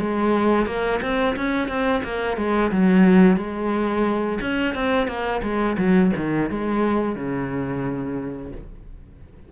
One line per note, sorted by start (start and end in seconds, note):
0.00 0.66 G#3
0.66 1.00 A#3
1.02 1.36 C4
1.36 1.68 C#4
1.68 2.02 C4
2.04 2.37 A#3
2.37 2.71 G#3
2.71 3.37 F#3
3.37 4.39 G#3
4.41 4.75 C#4
4.75 5.07 C4
5.07 5.41 A#3
5.43 5.77 G#3
5.78 6.12 F#3
6.16 6.50 D#3
6.50 7.16 G#3
7.16 8.52 C#3